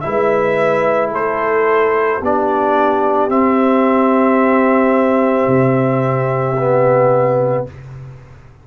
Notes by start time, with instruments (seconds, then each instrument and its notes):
0.00 tuba G#3, trombone E4, trumpet E5
0.07 horn B4
1.10 tuba A3, horn A4, trumpet C5
2.20 tuba B3, trombone D4, horn G4, trumpet D5
3.29 tuba C4, trombone C4, trumpet E5
5.47 tuba C3
6.58 trombone B3